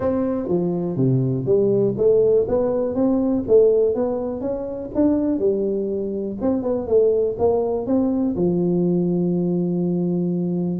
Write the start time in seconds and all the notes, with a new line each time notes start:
0.00 C4
0.48 F3
0.96 C3
1.45 G3
1.97 A3
2.47 B3
2.94 C4
3.47 A3
3.94 B3
4.40 C#4
4.94 D4
5.39 G3
6.41 C4
6.62 B3
6.87 A3
7.38 A#3
7.86 C4
8.36 F3